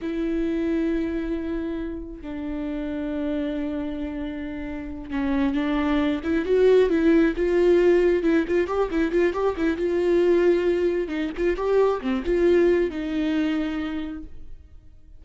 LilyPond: \new Staff \with { instrumentName = "viola" } { \time 4/4 \tempo 4 = 135 e'1~ | e'4 d'2.~ | d'2.~ d'8 cis'8~ | cis'8 d'4. e'8 fis'4 e'8~ |
e'8 f'2 e'8 f'8 g'8 | e'8 f'8 g'8 e'8 f'2~ | f'4 dis'8 f'8 g'4 c'8 f'8~ | f'4 dis'2. | }